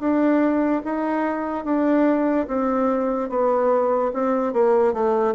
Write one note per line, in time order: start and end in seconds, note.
0.00 0.82 D4
0.85 1.65 D#4
1.65 2.47 D4
2.47 3.30 C4
3.30 4.12 B3
4.14 4.53 C4
4.53 4.94 A#3
4.94 5.35 A3